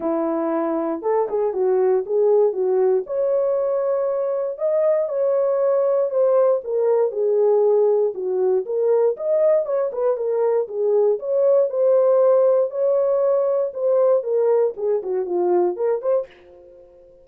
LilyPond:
\new Staff \with { instrumentName = "horn" } { \time 4/4 \tempo 4 = 118 e'2 a'8 gis'8 fis'4 | gis'4 fis'4 cis''2~ | cis''4 dis''4 cis''2 | c''4 ais'4 gis'2 |
fis'4 ais'4 dis''4 cis''8 b'8 | ais'4 gis'4 cis''4 c''4~ | c''4 cis''2 c''4 | ais'4 gis'8 fis'8 f'4 ais'8 c''8 | }